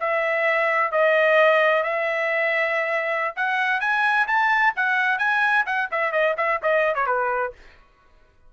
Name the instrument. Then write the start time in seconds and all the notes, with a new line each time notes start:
trumpet
0.00 E5
0.92 D#5
1.84 E5
3.36 F#5
3.81 G#5
4.27 A5
4.76 F#5
5.19 G#5
5.66 F#5
5.91 E5
6.12 D#5
6.37 E5
6.62 D#5
6.95 C#5
7.07 B4